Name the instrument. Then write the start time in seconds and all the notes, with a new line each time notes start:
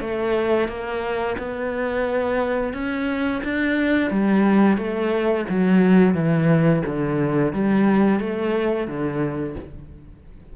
cello
0.00 A3
0.68 A#3
1.38 B3
2.73 C#4
3.44 D4
4.10 G3
4.77 A3
5.49 F#3
6.14 E3
6.86 D3
7.52 G3
8.20 A3
8.87 D3